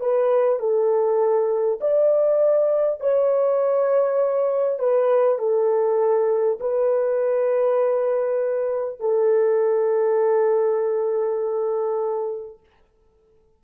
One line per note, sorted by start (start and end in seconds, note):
0.00 0.59 B4
0.59 1.79 A4
1.81 3.00 D5
3.00 4.79 C#5
4.79 5.39 B4
5.39 6.59 A4
6.60 8.99 B4
8.99 12.59 A4